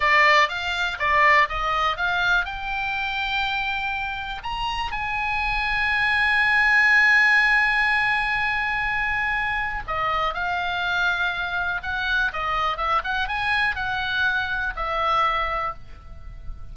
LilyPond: \new Staff \with { instrumentName = "oboe" } { \time 4/4 \tempo 4 = 122 d''4 f''4 d''4 dis''4 | f''4 g''2.~ | g''4 ais''4 gis''2~ | gis''1~ |
gis''1 | dis''4 f''2. | fis''4 dis''4 e''8 fis''8 gis''4 | fis''2 e''2 | }